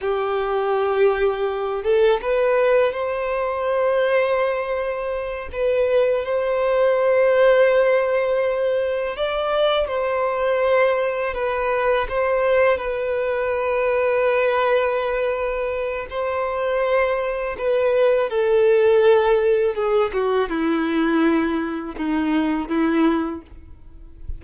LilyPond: \new Staff \with { instrumentName = "violin" } { \time 4/4 \tempo 4 = 82 g'2~ g'8 a'8 b'4 | c''2.~ c''8 b'8~ | b'8 c''2.~ c''8~ | c''8 d''4 c''2 b'8~ |
b'8 c''4 b'2~ b'8~ | b'2 c''2 | b'4 a'2 gis'8 fis'8 | e'2 dis'4 e'4 | }